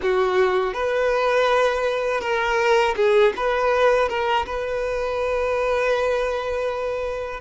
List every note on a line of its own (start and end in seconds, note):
0.02 0.73 F#4
0.73 2.20 B4
2.20 2.94 A#4
2.96 3.33 G#4
3.36 4.08 B4
4.08 4.45 A#4
4.45 7.41 B4